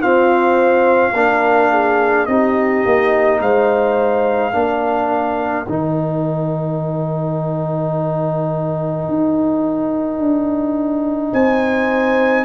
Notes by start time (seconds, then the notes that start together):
0.00 C4 F4 C5 F5
1.13 A#3 D4 A#4
1.71 G#4
2.26 C4 D#4 G4 D#5
2.85 A#3
3.40 G#3 C5 F5
4.52 A#3 D4 A#4
5.67 D#3 D#4 G5
9.08 D#4
10.19 D4
11.33 C4 C5 G#5